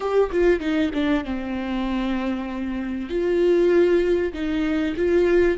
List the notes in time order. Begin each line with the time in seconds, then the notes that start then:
0.00 G4
0.31 F4
0.60 D#4
0.93 D4
1.24 C4
3.09 F4
4.33 D#4
4.96 F4